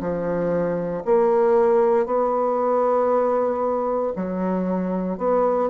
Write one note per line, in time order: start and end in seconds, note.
0.00 1.03 F3
1.05 2.06 A#3
2.06 4.13 B3
4.16 5.18 F#3
5.18 5.70 B3